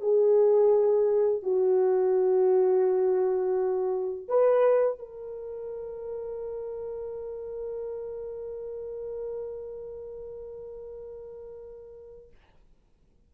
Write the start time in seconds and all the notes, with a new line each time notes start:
0.00 G#4
1.42 F#4
4.28 B4
4.98 A#4